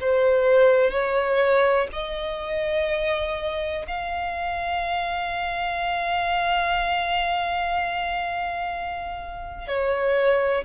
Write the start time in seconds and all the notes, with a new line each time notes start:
0.00 C5
0.91 C#5
1.92 D#5
3.87 F5
9.67 C#5